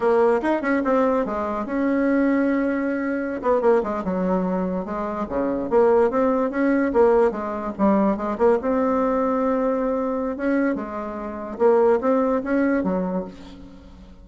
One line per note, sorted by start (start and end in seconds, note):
0.00 0.40 A#3
0.42 0.61 D#4
0.61 0.82 C#4
0.84 1.25 C4
1.25 1.65 G#3
1.65 3.41 C#4
3.42 3.61 B3
3.61 3.82 A#3
3.83 4.03 G#3
4.04 4.85 F#3
4.85 5.26 G#3
5.28 5.70 C#3
5.70 6.10 A#3
6.10 6.50 C4
6.50 6.92 C#4
6.93 7.31 A#3
7.31 7.72 G#3
7.78 8.16 G3
8.16 8.37 G#3
8.37 8.58 A#3
8.61 10.36 C4
10.36 10.75 C#4
10.75 11.58 G#3
11.58 11.99 A#3
12.00 12.42 C4
12.43 12.83 C#4
12.83 13.24 F#3